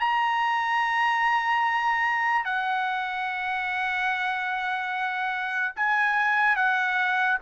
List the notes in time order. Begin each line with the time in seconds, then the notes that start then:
0.00 A#5
2.45 F#5
5.76 G#5
6.56 F#5